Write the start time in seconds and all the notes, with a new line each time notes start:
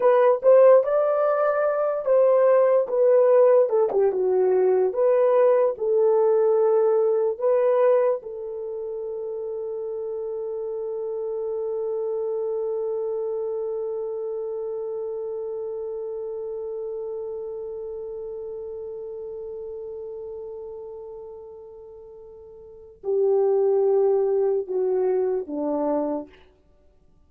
0.00 B4
0.42 C5
0.83 D5
2.05 C5
2.88 B4
3.69 A4
3.92 G4
4.12 F#4
4.93 B4
5.77 A4
7.38 B4
8.22 A4
23.03 G4
24.67 F#4
25.46 D4